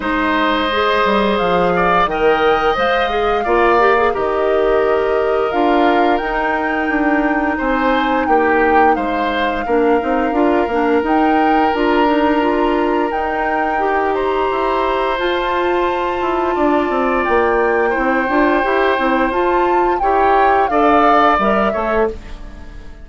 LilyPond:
<<
  \new Staff \with { instrumentName = "flute" } { \time 4/4 \tempo 4 = 87 dis''2 f''4 g''4 | f''2 dis''2 | f''4 g''2 gis''4 | g''4 f''2. |
g''4 ais''2 g''4~ | g''8 ais''4. a''2~ | a''4 g''2. | a''4 g''4 f''4 e''4 | }
  \new Staff \with { instrumentName = "oboe" } { \time 4/4 c''2~ c''8 d''8 dis''4~ | dis''4 d''4 ais'2~ | ais'2. c''4 | g'4 c''4 ais'2~ |
ais'1~ | ais'8 c''2.~ c''8 | d''2 c''2~ | c''4 cis''4 d''4. cis''8 | }
  \new Staff \with { instrumentName = "clarinet" } { \time 4/4 dis'4 gis'2 ais'4 | c''8 gis'8 f'8 g'16 gis'16 g'2 | f'4 dis'2.~ | dis'2 d'8 dis'8 f'8 d'8 |
dis'4 f'8 dis'8 f'4 dis'4 | g'2 f'2~ | f'2 e'8 f'8 g'8 e'8 | f'4 g'4 a'4 ais'8 a'8 | }
  \new Staff \with { instrumentName = "bassoon" } { \time 4/4 gis4. g8 f4 dis4 | gis4 ais4 dis2 | d'4 dis'4 d'4 c'4 | ais4 gis4 ais8 c'8 d'8 ais8 |
dis'4 d'2 dis'4~ | dis'4 e'4 f'4. e'8 | d'8 c'8 ais4 c'8 d'8 e'8 c'8 | f'4 e'4 d'4 g8 a8 | }
>>